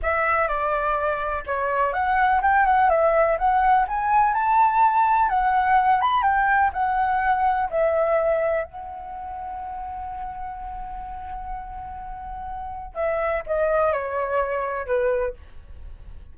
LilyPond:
\new Staff \with { instrumentName = "flute" } { \time 4/4 \tempo 4 = 125 e''4 d''2 cis''4 | fis''4 g''8 fis''8 e''4 fis''4 | gis''4 a''2 fis''4~ | fis''8 b''8 g''4 fis''2 |
e''2 fis''2~ | fis''1~ | fis''2. e''4 | dis''4 cis''2 b'4 | }